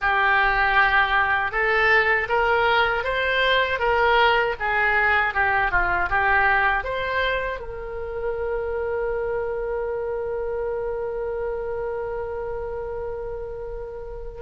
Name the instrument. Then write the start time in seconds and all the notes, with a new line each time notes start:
oboe
0.01 G4
1.51 A4
2.28 A#4
3.04 C5
3.79 A#4
4.59 G#4
5.34 G4
5.71 F4
6.09 G4
6.84 C5
7.59 A#4